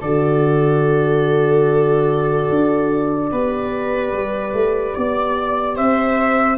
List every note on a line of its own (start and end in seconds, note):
0.00 2.48 D3
0.00 3.33 F#4
0.00 3.29 A4
0.00 5.76 D5
2.49 3.31 D4
3.31 4.12 B3
3.31 6.58 G4
3.31 4.94 B4
4.12 4.52 G3
4.52 4.93 A3
4.94 5.78 B3
4.94 5.75 D5
5.75 6.58 C4
5.75 6.57 C5
5.75 6.58 E5